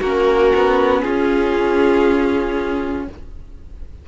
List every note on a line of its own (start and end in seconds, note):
0.00 0.53 A#3
0.00 3.08 C#4
0.00 1.02 F#4
0.00 1.01 A#4
0.55 1.05 B3
1.01 3.08 C#4
1.01 3.06 F4
1.01 3.05 G#4